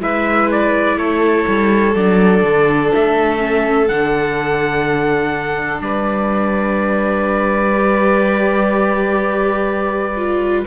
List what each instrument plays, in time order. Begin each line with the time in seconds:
0.00 cello G#3, viola E4, violin B4, trumpet E5
0.51 trumpet D5
0.97 cello A3, violin A4, trumpet C#5
1.48 cello G3
1.95 cello F#3, viola D4, trumpet D5
2.43 cello D3
2.94 cello A3, trumpet E5
3.38 viola C#4
3.87 cello D3, viola D4, trumpet F#5
5.80 cello G3, violin B4, trumpet D5
7.74 viola G4
10.16 viola F4